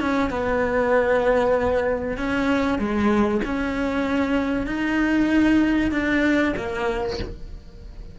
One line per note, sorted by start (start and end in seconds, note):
0.00 0.30 C#4
0.30 2.17 B3
2.17 2.78 C#4
2.78 3.41 G#3
3.45 4.67 C#4
4.67 5.91 D#4
5.91 6.54 D4
6.57 7.19 A#3